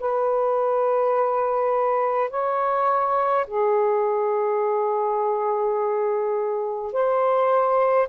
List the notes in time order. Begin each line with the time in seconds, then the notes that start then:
0.00 B4
2.31 C#5
3.48 G#4
6.93 C5